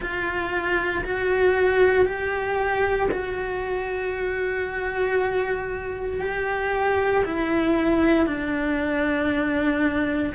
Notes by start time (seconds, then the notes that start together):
0.00 F4
1.04 F#4
2.05 G4
3.11 F#4
6.21 G4
7.25 E4
8.26 D4